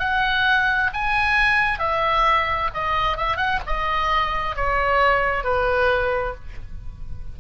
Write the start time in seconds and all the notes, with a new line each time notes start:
0.00 F#5
0.94 G#5
1.79 E5
2.74 D#5
3.17 E5
3.37 F#5
3.67 D#5
4.56 C#5
5.44 B4